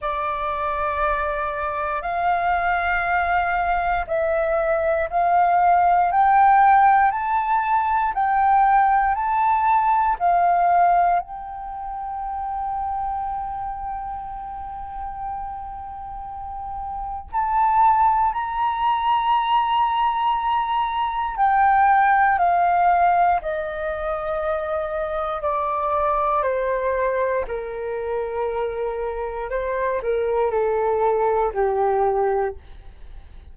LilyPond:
\new Staff \with { instrumentName = "flute" } { \time 4/4 \tempo 4 = 59 d''2 f''2 | e''4 f''4 g''4 a''4 | g''4 a''4 f''4 g''4~ | g''1~ |
g''4 a''4 ais''2~ | ais''4 g''4 f''4 dis''4~ | dis''4 d''4 c''4 ais'4~ | ais'4 c''8 ais'8 a'4 g'4 | }